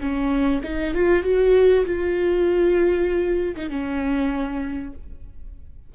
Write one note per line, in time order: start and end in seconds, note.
0.00 0.62 C#4
0.64 0.94 D#4
0.94 1.23 F4
1.23 1.85 F#4
1.86 3.56 F4
3.56 3.69 D#4
3.69 4.93 C#4